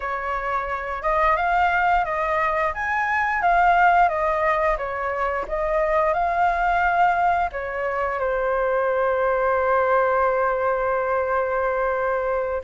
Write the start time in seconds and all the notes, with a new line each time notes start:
0.00 C#5
1.02 D#5
1.36 F5
2.05 D#5
2.74 G#5
3.42 F5
4.08 D#5
4.77 C#5
5.48 D#5
6.13 F5
7.52 C#5
8.18 C5